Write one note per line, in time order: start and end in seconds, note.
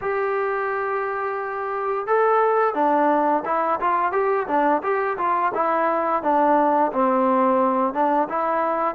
0.01 2.07 G4
2.07 2.74 A4
2.74 3.43 D4
3.45 3.79 E4
3.80 4.12 F4
4.12 4.46 G4
4.47 4.82 D4
4.82 5.17 G4
5.17 5.52 F4
5.54 6.22 E4
6.22 6.91 D4
6.92 7.93 C4
7.93 8.28 D4
8.29 8.95 E4